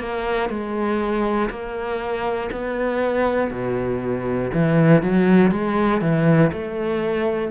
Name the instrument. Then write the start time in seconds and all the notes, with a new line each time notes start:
cello
0.00 A#3
0.50 G#3
1.50 A#3
2.51 B3
3.51 B2
4.54 E3
5.03 F#3
5.51 G#3
6.01 E3
6.52 A3